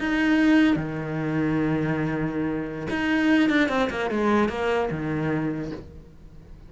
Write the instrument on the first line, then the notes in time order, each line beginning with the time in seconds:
cello
0.00 D#4
0.77 D#3
2.90 D#4
3.50 D4
3.69 C4
3.91 A#3
4.11 G#3
4.49 A#3
4.91 D#3